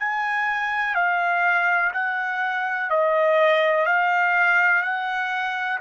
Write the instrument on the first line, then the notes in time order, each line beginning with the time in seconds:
trumpet
0.00 G#5
0.95 F5
1.94 F#5
2.91 D#5
3.86 F5
4.83 F#5